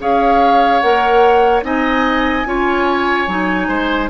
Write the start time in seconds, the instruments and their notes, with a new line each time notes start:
0.00 bassoon C#4, clarinet G#4, oboe C#5, flute F5
0.80 bassoon A#3, clarinet A#4, flute F#5
1.64 bassoon C4, clarinet D#4, oboe D#5, flute G#5
2.46 bassoon C#4, clarinet F4, oboe C#5
3.28 bassoon F#3, clarinet D#4
3.68 bassoon G#3, oboe C5